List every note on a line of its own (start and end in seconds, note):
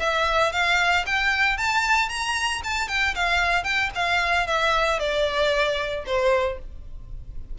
0.00 0.53 E5
0.53 1.06 F5
1.07 1.58 G5
1.58 2.10 A5
2.10 2.62 A#5
2.64 2.89 A5
2.89 3.15 G5
3.16 3.65 F5
3.65 3.91 G5
3.95 4.48 F5
4.48 5.00 E5
5.00 6.05 D5
6.07 6.59 C5